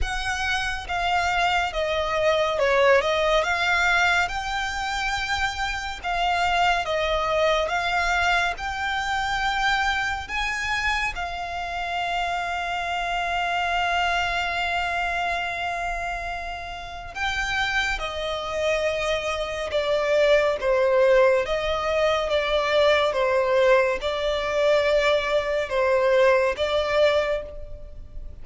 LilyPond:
\new Staff \with { instrumentName = "violin" } { \time 4/4 \tempo 4 = 70 fis''4 f''4 dis''4 cis''8 dis''8 | f''4 g''2 f''4 | dis''4 f''4 g''2 | gis''4 f''2.~ |
f''1 | g''4 dis''2 d''4 | c''4 dis''4 d''4 c''4 | d''2 c''4 d''4 | }